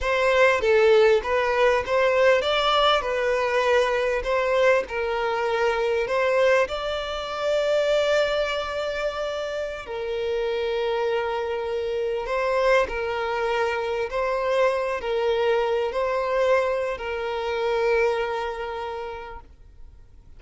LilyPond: \new Staff \with { instrumentName = "violin" } { \time 4/4 \tempo 4 = 99 c''4 a'4 b'4 c''4 | d''4 b'2 c''4 | ais'2 c''4 d''4~ | d''1~ |
d''16 ais'2.~ ais'8.~ | ais'16 c''4 ais'2 c''8.~ | c''8. ais'4. c''4.~ c''16 | ais'1 | }